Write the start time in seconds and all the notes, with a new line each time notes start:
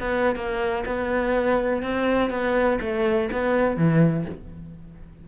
0.00 B3
0.36 A#3
0.86 B3
1.83 C4
2.30 B3
2.81 A3
3.32 B3
3.77 E3